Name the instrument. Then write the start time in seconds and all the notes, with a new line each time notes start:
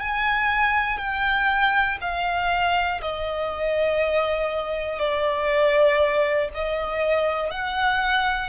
violin
0.00 G#5
0.98 G5
2.01 F5
3.01 D#5
4.99 D5
6.54 D#5
7.50 F#5